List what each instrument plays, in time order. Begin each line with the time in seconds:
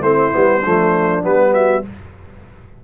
0.00 tuba A3, trombone C4, horn E4, trumpet C5
0.33 tuba G3, trombone B3
0.61 tuba F3, trombone A3, horn D4
1.23 tuba G3, trombone B3, trumpet B4
1.54 horn F#4, trumpet E5